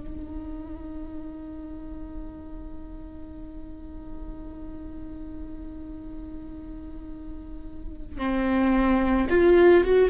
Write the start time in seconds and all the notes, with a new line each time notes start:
0.00 D#4
8.18 C4
9.29 F4
9.84 F#4